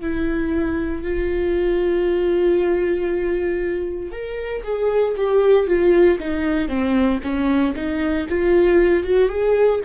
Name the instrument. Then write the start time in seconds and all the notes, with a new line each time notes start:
viola
0.00 E4
1.03 F4
4.11 A#4
4.63 G#4
5.16 G4
5.67 F4
6.19 D#4
6.68 C4
7.23 C#4
7.75 D#4
8.29 F4
9.03 F#4
9.28 G#4